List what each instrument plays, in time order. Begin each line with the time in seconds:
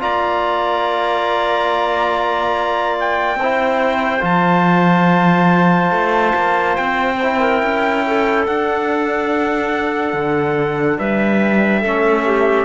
0.00 cello A#3, trombone F4, clarinet D5, trumpet A#5
3.00 trumpet G5
3.35 cello C4, clarinet C5
3.42 trombone E4
4.20 cello F3, trombone F4, trumpet A5
5.91 cello A3
6.36 cello A#3
6.76 cello C4, trumpet G5
7.23 trombone E4
7.40 clarinet A#4
7.63 cello C#4
8.07 clarinet A4
8.47 trombone D4, cello D4, trumpet F#5
10.13 cello D3
10.99 cello G3, clarinet B4, trumpet E5
11.81 cello A3, trombone C#4, clarinet A4
12.26 clarinet G4